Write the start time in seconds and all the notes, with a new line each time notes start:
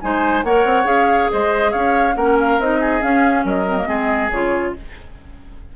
0.00 G#3 D#4 C5 G#5
0.43 A#3 A#4 C#5 F#5
0.64 C4
0.83 C#4 G#4 F5
1.32 G#3 C5 D#5
1.71 C#4 C#5 F5
2.15 A#3 C#4 A#4 F#5
2.39 F5
2.58 C4 D#4 D#5
2.80 G#4
3.00 C#4 F5
3.44 F#3 A#4 D#5
3.68 C4
3.77 A#3
3.86 G#3 C4 G#4
4.30 C#3 F4 C#5